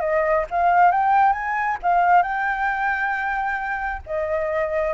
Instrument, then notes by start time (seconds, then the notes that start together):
flute
0.00 D#5
0.50 F5
0.91 G5
1.32 G#5
1.82 F5
2.23 G5
4.06 D#5